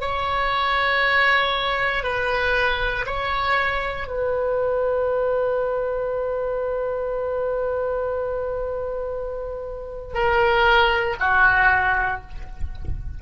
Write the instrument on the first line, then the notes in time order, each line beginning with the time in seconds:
oboe
0.00 C#5
2.03 B4
3.06 C#5
4.07 B4
10.14 A#4
11.20 F#4